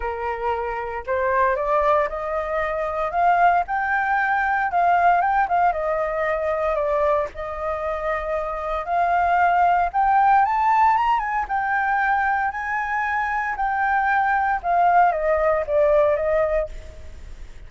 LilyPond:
\new Staff \with { instrumentName = "flute" } { \time 4/4 \tempo 4 = 115 ais'2 c''4 d''4 | dis''2 f''4 g''4~ | g''4 f''4 g''8 f''8 dis''4~ | dis''4 d''4 dis''2~ |
dis''4 f''2 g''4 | a''4 ais''8 gis''8 g''2 | gis''2 g''2 | f''4 dis''4 d''4 dis''4 | }